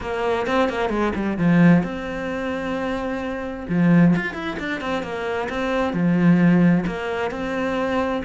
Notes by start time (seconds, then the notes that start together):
0.01 A#3
0.46 C4
0.69 A#3
0.89 G#3
1.15 G3
1.38 F3
1.83 C4
3.68 F3
4.16 F4
4.34 E4
4.59 D4
4.80 C4
5.02 A#3
5.49 C4
5.93 F3
6.86 A#3
7.31 C4